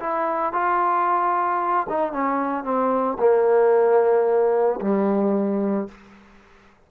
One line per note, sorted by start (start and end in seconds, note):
0.00 0.53 E4
0.53 1.87 F4
1.89 2.13 D#4
2.13 2.64 C#4
2.64 3.18 C4
3.19 4.80 A#3
4.81 5.88 G3